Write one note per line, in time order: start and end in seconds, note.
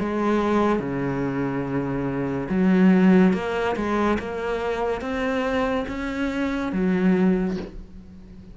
0.00 0.80 G#3
0.80 2.49 C#3
2.50 3.34 F#3
3.34 3.76 A#3
3.76 4.19 G#3
4.19 5.02 A#3
5.02 5.86 C4
5.88 6.73 C#4
6.73 7.57 F#3